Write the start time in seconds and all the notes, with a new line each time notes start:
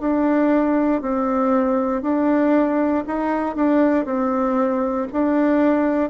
0.00 D4
1.02 C4
2.02 D4
3.06 D#4
3.55 D4
4.05 C4
5.12 D4